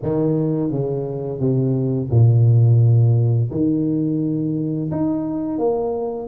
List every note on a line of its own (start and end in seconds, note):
0.02 0.70 D#3
0.70 1.40 C#3
1.40 2.09 C3
2.10 3.50 A#2
3.50 4.90 D#3
4.91 5.58 D#4
5.58 6.27 A#3